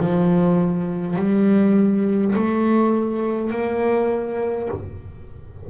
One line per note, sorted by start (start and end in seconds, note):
0.00 1.17 F3
1.17 2.34 G3
2.35 3.51 A3
3.51 4.69 A#3